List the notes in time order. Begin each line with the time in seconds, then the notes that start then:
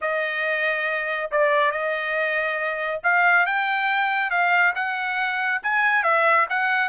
0.01 D#5
1.31 D5
1.71 D#5
3.03 F5
3.46 G5
4.30 F5
4.75 F#5
5.62 G#5
6.03 E5
6.49 F#5